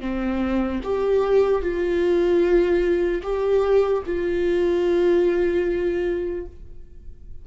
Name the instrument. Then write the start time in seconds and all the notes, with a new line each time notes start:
viola
0.00 C4
0.83 G4
1.62 F4
3.22 G4
4.05 F4